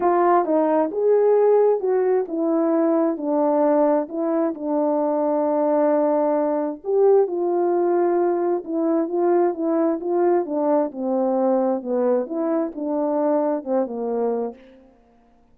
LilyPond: \new Staff \with { instrumentName = "horn" } { \time 4/4 \tempo 4 = 132 f'4 dis'4 gis'2 | fis'4 e'2 d'4~ | d'4 e'4 d'2~ | d'2. g'4 |
f'2. e'4 | f'4 e'4 f'4 d'4 | c'2 b4 e'4 | d'2 c'8 ais4. | }